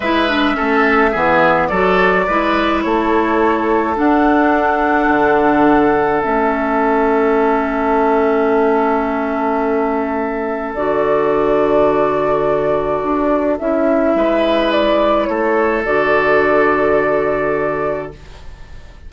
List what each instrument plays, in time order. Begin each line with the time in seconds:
0.00 bassoon G#3, clarinet E4, oboe B4, flute E5
0.28 clarinet D4
0.54 bassoon A3, clarinet C#4, oboe A4
1.11 bassoon E3, clarinet B3, oboe G#4
1.67 bassoon F#3, clarinet F#4, oboe A4, flute D5
2.27 bassoon G#3, clarinet E4, oboe B4
2.81 bassoon A3, oboe A4, flute C#5
3.95 clarinet D4, bassoon D4, flute F#5
5.08 bassoon D3
6.21 bassoon A3, clarinet C#4, flute E5
10.74 bassoon D3, clarinet F#4, flute D5
13.02 bassoon D4
13.58 bassoon C#4, clarinet E4, flute E5
14.15 bassoon G#3, oboe B4
14.71 flute D5
15.25 bassoon A3, oboe A4, flute C#5
15.85 bassoon D3, clarinet F#4, flute D5